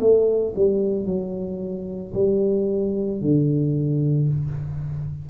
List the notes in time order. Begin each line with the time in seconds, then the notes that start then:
0.00 A3
0.55 G3
1.05 F#3
2.14 G3
3.21 D3